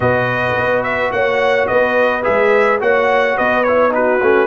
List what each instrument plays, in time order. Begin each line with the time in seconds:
0.00 tuba B2, trombone F#4, horn B4, trumpet D#5
0.56 tuba B3
0.83 trumpet E5
1.11 tuba A#3, horn C#5, trumpet F#5
1.67 tuba B3, horn B4, trumpet D#5
2.22 tuba G#3, trombone G#4, trumpet E5
2.80 tuba A#3, trombone F#4, horn C#5, trumpet F#5
3.36 tuba B3, horn B4, trumpet D#5
3.63 trombone E4, trumpet C#5
3.90 trombone D#4, horn F#4, trumpet B4
4.21 tuba A3, trombone C#4